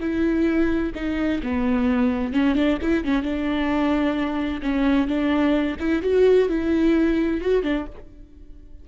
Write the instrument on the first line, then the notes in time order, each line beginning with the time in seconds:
viola
0.00 E4
0.95 D#4
1.43 B3
2.33 C#4
2.55 D4
2.81 E4
3.04 C#4
3.22 D4
4.62 C#4
5.07 D4
5.79 E4
6.02 F#4
6.48 E4
7.41 F#4
7.62 D4